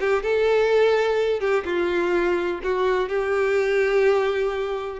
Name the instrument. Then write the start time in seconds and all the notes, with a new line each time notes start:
violin
0.00 G4
0.22 A4
1.40 G4
1.65 F4
2.63 F#4
3.09 G4